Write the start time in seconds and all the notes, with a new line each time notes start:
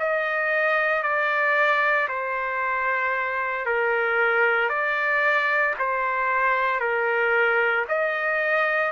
0.00 D#5
1.03 D5
2.09 C5
3.66 A#4
4.69 D5
5.79 C5
6.80 A#4
7.89 D#5